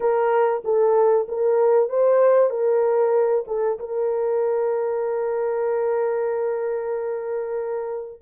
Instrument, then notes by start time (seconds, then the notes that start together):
horn
0.00 A#4
0.64 A4
1.28 A#4
1.89 C5
2.50 A#4
3.47 A4
3.79 A#4